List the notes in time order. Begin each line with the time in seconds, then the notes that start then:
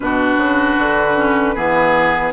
0.00 B2 D4 F#4 B4
0.37 C#3
0.77 D3
1.15 C#4
1.55 E3 B3 G#4